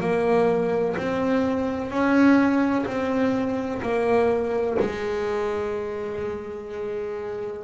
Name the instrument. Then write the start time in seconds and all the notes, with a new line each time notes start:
double bass
0.00 A#3
0.97 C4
1.90 C#4
2.86 C4
3.82 A#3
4.79 G#3